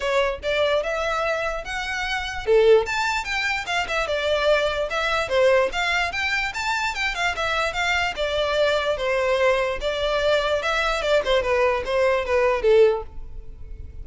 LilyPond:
\new Staff \with { instrumentName = "violin" } { \time 4/4 \tempo 4 = 147 cis''4 d''4 e''2 | fis''2 a'4 a''4 | g''4 f''8 e''8 d''2 | e''4 c''4 f''4 g''4 |
a''4 g''8 f''8 e''4 f''4 | d''2 c''2 | d''2 e''4 d''8 c''8 | b'4 c''4 b'4 a'4 | }